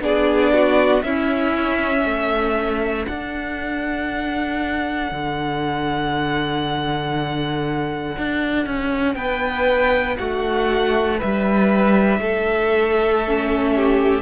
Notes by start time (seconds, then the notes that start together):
0.00 B3 D4 G#4 D5
0.54 F#4
1.02 C#4 E4 E5
2.03 A3 A4
3.07 D4 F#5
5.12 D3
8.17 D4
8.66 C#4
9.15 B3 B4 G5
10.17 A3 F#4 F#5
11.18 G3 B4 E5
12.19 A3 A4
13.27 C#4
13.76 G4